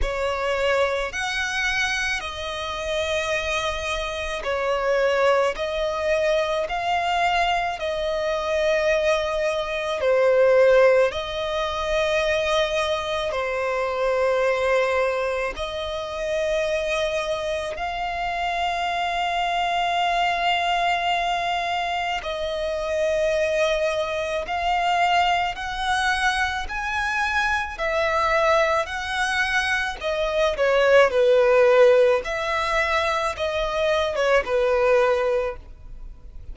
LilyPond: \new Staff \with { instrumentName = "violin" } { \time 4/4 \tempo 4 = 54 cis''4 fis''4 dis''2 | cis''4 dis''4 f''4 dis''4~ | dis''4 c''4 dis''2 | c''2 dis''2 |
f''1 | dis''2 f''4 fis''4 | gis''4 e''4 fis''4 dis''8 cis''8 | b'4 e''4 dis''8. cis''16 b'4 | }